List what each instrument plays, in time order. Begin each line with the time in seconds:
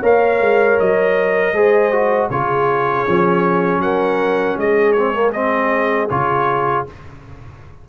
0.00 tuba A#3, trombone A#4, horn C#5, trumpet F5
0.41 tuba G#3
0.79 tuba F#3, trumpet D#5
1.53 tuba G#3, trombone G#4, horn C5
1.92 trombone F#4
2.30 tuba C#3, trombone F4, horn G#4, trumpet C#5
3.07 tuba F3, trombone C#4
3.78 tuba F#3, horn A#4, trumpet F#5
4.57 tuba G#3, horn G#4, trumpet D#5
4.92 trombone C4, trumpet C#5
5.14 trombone A#3
5.33 trombone C4, trumpet D#5
6.10 tuba C#3, trombone F4, trumpet C#5